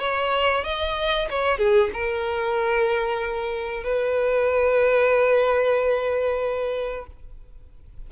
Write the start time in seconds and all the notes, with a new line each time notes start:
0.00 C#5
0.64 D#5
1.30 C#5
1.58 G#4
1.93 A#4
3.84 B4